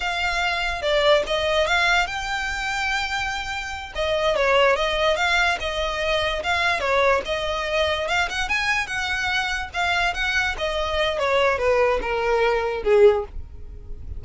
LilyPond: \new Staff \with { instrumentName = "violin" } { \time 4/4 \tempo 4 = 145 f''2 d''4 dis''4 | f''4 g''2.~ | g''4. dis''4 cis''4 dis''8~ | dis''8 f''4 dis''2 f''8~ |
f''8 cis''4 dis''2 f''8 | fis''8 gis''4 fis''2 f''8~ | f''8 fis''4 dis''4. cis''4 | b'4 ais'2 gis'4 | }